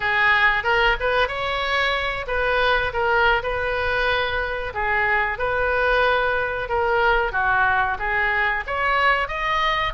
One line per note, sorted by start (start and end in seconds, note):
0.00 0.63 G#4
0.63 0.96 A#4
1.00 1.28 B4
1.28 2.26 C#5
2.27 2.92 B4
2.93 3.42 A#4
3.42 4.73 B4
4.73 5.38 G#4
5.38 6.68 B4
6.68 7.32 A#4
7.32 7.97 F#4
7.98 8.64 G#4
8.67 9.28 C#5
9.28 9.93 D#5